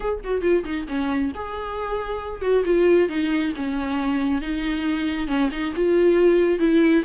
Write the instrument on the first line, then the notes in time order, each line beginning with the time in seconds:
viola
0.00 G#4
0.23 F#4
0.41 F4
0.64 D#4
0.87 C#4
1.35 G#4
2.41 F#4
2.65 F4
3.08 D#4
3.56 C#4
4.41 D#4
5.27 C#4
5.51 D#4
5.75 F4
6.59 E4